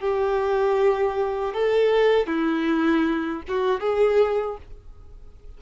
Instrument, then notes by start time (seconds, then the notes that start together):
violin
0.00 G4
1.54 A4
2.27 E4
3.48 F#4
3.80 G#4